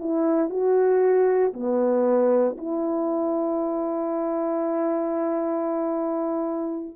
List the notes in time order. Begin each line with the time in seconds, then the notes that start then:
0.00 E4
0.50 F#4
1.54 B3
2.58 E4